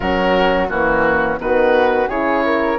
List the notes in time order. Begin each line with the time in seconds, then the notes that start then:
0.00 F#3 C#4 F#4 A#4
0.69 E3 A#3 C#4 F#4
1.39 D#3 B3 F#4 B4
2.08 C#3 E4 G#4 C#5
2.45 A#4